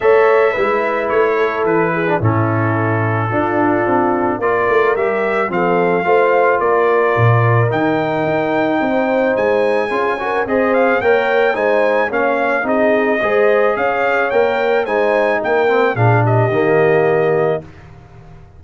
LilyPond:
<<
  \new Staff \with { instrumentName = "trumpet" } { \time 4/4 \tempo 4 = 109 e''2 cis''4 b'4 | a'1 | d''4 e''4 f''2 | d''2 g''2~ |
g''4 gis''2 dis''8 f''8 | g''4 gis''4 f''4 dis''4~ | dis''4 f''4 g''4 gis''4 | g''4 f''8 dis''2~ dis''8 | }
  \new Staff \with { instrumentName = "horn" } { \time 4/4 cis''4 b'4. a'4 gis'8 | e'2 f'2 | ais'2 a'4 c''4 | ais'1 |
c''2 gis'8 ais'8 c''4 | cis''4 c''4 cis''4 gis'4 | c''4 cis''2 c''4 | ais'4 gis'8 g'2~ g'8 | }
  \new Staff \with { instrumentName = "trombone" } { \time 4/4 a'4 e'2~ e'8. d'16 | cis'2 d'2 | f'4 g'4 c'4 f'4~ | f'2 dis'2~ |
dis'2 f'8 fis'8 gis'4 | ais'4 dis'4 cis'4 dis'4 | gis'2 ais'4 dis'4~ | dis'8 c'8 d'4 ais2 | }
  \new Staff \with { instrumentName = "tuba" } { \time 4/4 a4 gis4 a4 e4 | a,2 d'4 c'4 | ais8 a8 g4 f4 a4 | ais4 ais,4 dis4 dis'4 |
c'4 gis4 cis'4 c'4 | ais4 gis4 ais4 c'4 | gis4 cis'4 ais4 gis4 | ais4 ais,4 dis2 | }
>>